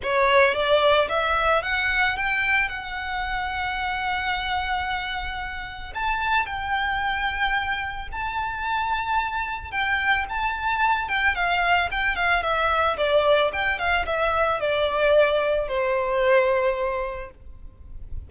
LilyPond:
\new Staff \with { instrumentName = "violin" } { \time 4/4 \tempo 4 = 111 cis''4 d''4 e''4 fis''4 | g''4 fis''2.~ | fis''2. a''4 | g''2. a''4~ |
a''2 g''4 a''4~ | a''8 g''8 f''4 g''8 f''8 e''4 | d''4 g''8 f''8 e''4 d''4~ | d''4 c''2. | }